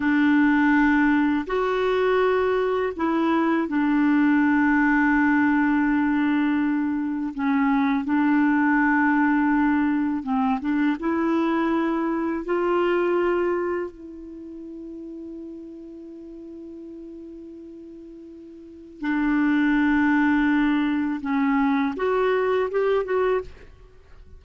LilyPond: \new Staff \with { instrumentName = "clarinet" } { \time 4/4 \tempo 4 = 82 d'2 fis'2 | e'4 d'2.~ | d'2 cis'4 d'4~ | d'2 c'8 d'8 e'4~ |
e'4 f'2 e'4~ | e'1~ | e'2 d'2~ | d'4 cis'4 fis'4 g'8 fis'8 | }